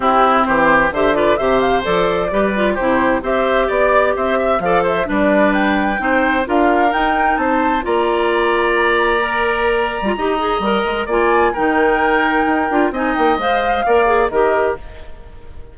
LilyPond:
<<
  \new Staff \with { instrumentName = "flute" } { \time 4/4 \tempo 4 = 130 g'4 c''4 e''8 d''8 e''8 f''8 | d''2 c''4 e''4 | d''4 e''4 f''8 e''8 d''4 | g''2 f''4 g''4 |
a''4 ais''2.~ | ais''1 | gis''4 g''2. | gis''8 g''8 f''2 dis''4 | }
  \new Staff \with { instrumentName = "oboe" } { \time 4/4 e'4 g'4 c''8 b'8 c''4~ | c''4 b'4 g'4 c''4 | d''4 c''8 e''8 d''8 c''8 b'4~ | b'4 c''4 ais'2 |
c''4 d''2.~ | d''2 dis''2 | d''4 ais'2. | dis''2 d''4 ais'4 | }
  \new Staff \with { instrumentName = "clarinet" } { \time 4/4 c'2 g'8 f'8 g'4 | a'4 g'8 f'8 e'4 g'4~ | g'2 a'4 d'4~ | d'4 dis'4 f'4 dis'4~ |
dis'4 f'2. | ais'4.~ ais'16 f'16 g'8 gis'8 ais'4 | f'4 dis'2~ dis'8 f'8 | dis'4 c''4 ais'8 gis'8 g'4 | }
  \new Staff \with { instrumentName = "bassoon" } { \time 4/4 c'4 e4 d4 c4 | f4 g4 c4 c'4 | b4 c'4 f4 g4~ | g4 c'4 d'4 dis'4 |
c'4 ais2.~ | ais4.~ ais16 g16 dis'4 g8 gis8 | ais4 dis2 dis'8 d'8 | c'8 ais8 gis4 ais4 dis4 | }
>>